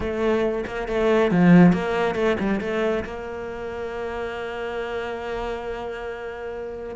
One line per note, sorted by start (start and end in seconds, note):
0.00 0.65 A3
0.66 0.88 A#3
0.88 1.31 A3
1.31 1.72 F3
1.72 2.15 A#3
2.15 2.37 A3
2.39 2.60 G3
2.60 3.03 A3
3.04 6.95 A#3